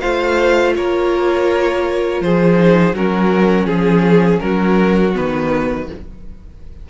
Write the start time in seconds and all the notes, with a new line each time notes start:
0.00 A3 F4 C5 F5
0.76 A#3 A#4 C#5
2.21 F3 G#4 C5
2.56 D#4
2.93 F#3 C#4 F#4 A#4
3.66 F3 G#4
4.39 F#3 F#4 A#4
5.13 D#3 B3 B4